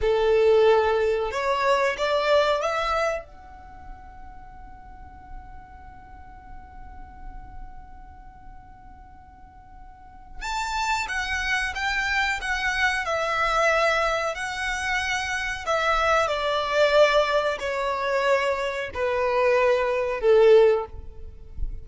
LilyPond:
\new Staff \with { instrumentName = "violin" } { \time 4/4 \tempo 4 = 92 a'2 cis''4 d''4 | e''4 fis''2.~ | fis''1~ | fis''1 |
a''4 fis''4 g''4 fis''4 | e''2 fis''2 | e''4 d''2 cis''4~ | cis''4 b'2 a'4 | }